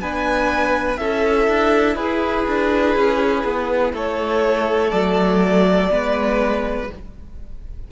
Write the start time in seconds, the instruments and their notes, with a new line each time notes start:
0.00 cello B3, viola D4, violin B4 G#5
0.97 cello C#4, viola E4, violin A4 E5
1.48 cello D4
1.95 cello E4, violin G#4 B4
2.48 cello D4
2.96 cello C#4
3.44 cello B3
3.93 cello A3, violin A4 C#5
4.91 cello F#3, viola A3, violin D5
5.90 cello G#3, viola B3, violin B4